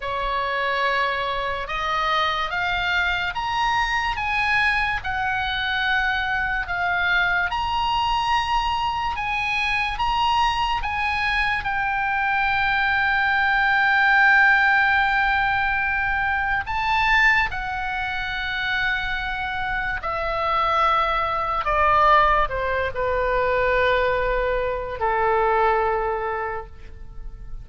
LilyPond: \new Staff \with { instrumentName = "oboe" } { \time 4/4 \tempo 4 = 72 cis''2 dis''4 f''4 | ais''4 gis''4 fis''2 | f''4 ais''2 gis''4 | ais''4 gis''4 g''2~ |
g''1 | a''4 fis''2. | e''2 d''4 c''8 b'8~ | b'2 a'2 | }